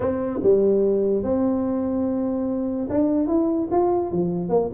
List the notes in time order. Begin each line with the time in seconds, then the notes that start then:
0.00 C4
0.42 G3
1.23 C4
2.89 D4
3.27 E4
3.71 F4
4.11 F3
4.49 A#3